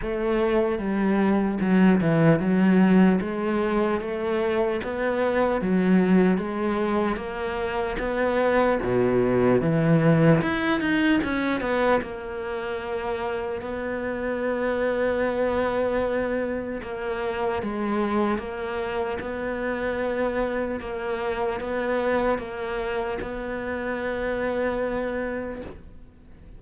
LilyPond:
\new Staff \with { instrumentName = "cello" } { \time 4/4 \tempo 4 = 75 a4 g4 fis8 e8 fis4 | gis4 a4 b4 fis4 | gis4 ais4 b4 b,4 | e4 e'8 dis'8 cis'8 b8 ais4~ |
ais4 b2.~ | b4 ais4 gis4 ais4 | b2 ais4 b4 | ais4 b2. | }